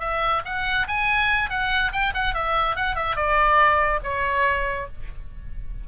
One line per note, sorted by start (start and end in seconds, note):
0.00 0.42 E5
0.45 0.87 F#5
0.87 1.50 G#5
1.50 1.92 F#5
1.92 2.13 G5
2.14 2.34 F#5
2.34 2.76 E5
2.76 2.95 F#5
2.95 3.16 E5
3.16 4.00 D5
4.04 4.87 C#5